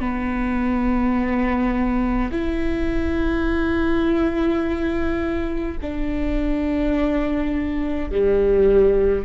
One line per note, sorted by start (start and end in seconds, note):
0.00 2.31 B3
2.31 5.77 E4
5.82 8.10 D4
8.10 9.25 G3